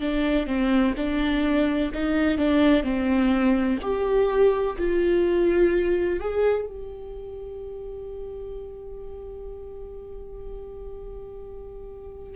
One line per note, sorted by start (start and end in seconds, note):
0.00 0.46 D4
0.46 0.94 C4
0.96 1.91 D4
1.94 2.38 D#4
2.38 2.83 D4
2.83 3.78 C4
3.82 4.77 G4
4.78 6.19 F4
6.19 6.66 G#4
6.66 12.36 G4